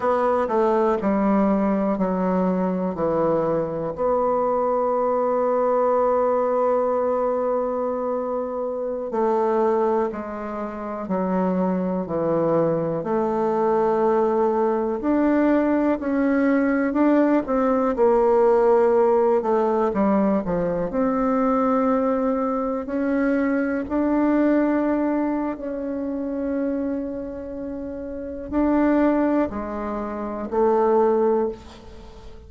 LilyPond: \new Staff \with { instrumentName = "bassoon" } { \time 4/4 \tempo 4 = 61 b8 a8 g4 fis4 e4 | b1~ | b4~ b16 a4 gis4 fis8.~ | fis16 e4 a2 d'8.~ |
d'16 cis'4 d'8 c'8 ais4. a16~ | a16 g8 f8 c'2 cis'8.~ | cis'16 d'4.~ d'16 cis'2~ | cis'4 d'4 gis4 a4 | }